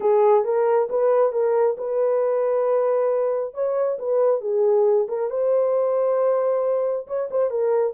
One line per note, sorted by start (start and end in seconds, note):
0.00 0.44 G#4
0.44 0.88 A#4
0.89 1.32 B4
1.32 1.76 A#4
1.77 3.53 B4
3.53 3.97 C#5
3.98 4.41 B4
4.41 5.07 G#4
5.08 5.30 A#4
5.30 7.06 C5
7.07 7.29 C#5
7.30 7.50 C5
7.50 7.93 A#4